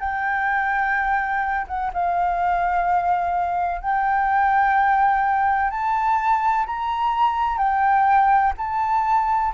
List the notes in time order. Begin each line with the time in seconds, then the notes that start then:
0.00 G5
1.68 F#5
1.94 F5
3.81 G5
5.71 A5
6.66 A#5
7.58 G5
8.58 A5